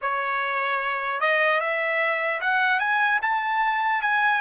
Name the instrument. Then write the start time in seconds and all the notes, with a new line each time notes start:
trumpet
0.01 C#5
1.20 D#5
1.60 E5
2.40 F#5
2.79 G#5
3.21 A5
4.01 G#5